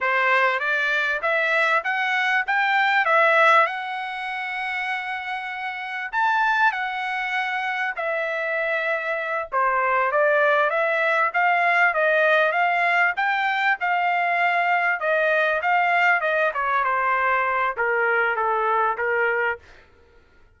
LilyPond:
\new Staff \with { instrumentName = "trumpet" } { \time 4/4 \tempo 4 = 98 c''4 d''4 e''4 fis''4 | g''4 e''4 fis''2~ | fis''2 a''4 fis''4~ | fis''4 e''2~ e''8 c''8~ |
c''8 d''4 e''4 f''4 dis''8~ | dis''8 f''4 g''4 f''4.~ | f''8 dis''4 f''4 dis''8 cis''8 c''8~ | c''4 ais'4 a'4 ais'4 | }